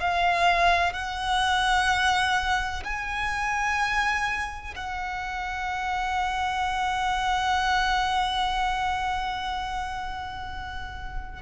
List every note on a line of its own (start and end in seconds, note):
0.00 0.93 F5
0.93 2.84 F#5
2.84 4.74 G#5
4.76 11.42 F#5